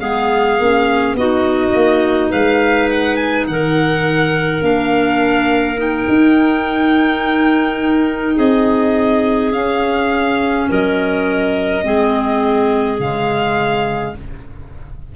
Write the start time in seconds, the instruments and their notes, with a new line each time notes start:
0.00 tuba G#3, clarinet B3 G#4, violin F5
0.59 tuba A#3, clarinet C#4
1.14 tuba B3, clarinet D#4 F#4, violin D#5
1.74 tuba A#3
2.30 tuba G#3, clarinet B4, violin F5
2.91 violin F#5
3.16 violin G#5
3.47 tuba D#3, clarinet A#4, violin F#5
4.61 tuba A#3, clarinet D4, violin F5
5.76 clarinet D#4, violin G5
6.08 tuba D#4
8.36 tuba C4, clarinet G#4, violin D#5
9.52 clarinet C#4, tuba C#4, violin F5
10.69 tuba F#3, clarinet A#4, violin D#5
11.82 tuba G#3, clarinet C4 G#4
12.99 tuba C#3, clarinet G#3, violin F5